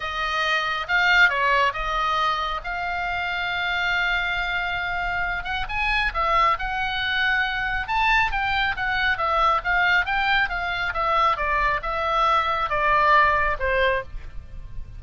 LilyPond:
\new Staff \with { instrumentName = "oboe" } { \time 4/4 \tempo 4 = 137 dis''2 f''4 cis''4 | dis''2 f''2~ | f''1~ | f''8 fis''8 gis''4 e''4 fis''4~ |
fis''2 a''4 g''4 | fis''4 e''4 f''4 g''4 | f''4 e''4 d''4 e''4~ | e''4 d''2 c''4 | }